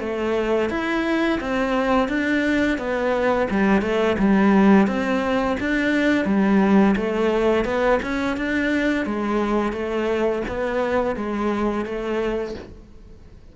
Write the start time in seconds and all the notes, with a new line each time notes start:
0.00 A3
0.70 E4
1.40 C4
2.09 D4
2.78 B3
3.51 G3
3.82 A3
4.19 G3
4.87 C4
5.60 D4
6.25 G3
6.96 A3
7.65 B3
8.03 C#4
8.37 D4
9.06 G#3
9.73 A3
10.48 B3
11.16 G#3
11.85 A3